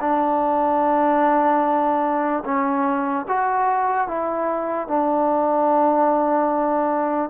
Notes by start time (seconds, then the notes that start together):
0.00 D4
2.44 C#4
3.28 F#4
4.07 E4
4.87 D4